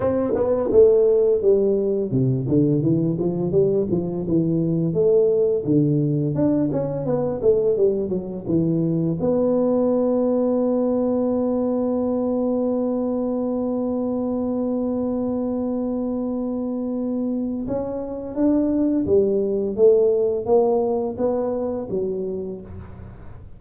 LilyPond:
\new Staff \with { instrumentName = "tuba" } { \time 4/4 \tempo 4 = 85 c'8 b8 a4 g4 c8 d8 | e8 f8 g8 f8 e4 a4 | d4 d'8 cis'8 b8 a8 g8 fis8 | e4 b2.~ |
b1~ | b1~ | b4 cis'4 d'4 g4 | a4 ais4 b4 fis4 | }